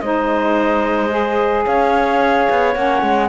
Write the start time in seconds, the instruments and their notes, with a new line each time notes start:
0.00 cello G#3, saxophone D#4, clarinet C5, flute D#5
1.09 saxophone G#4
1.65 cello C#4, clarinet C#5, flute F5
2.49 cello B3
2.74 cello A#3, saxophone C#4, flute F#5
3.02 cello G#3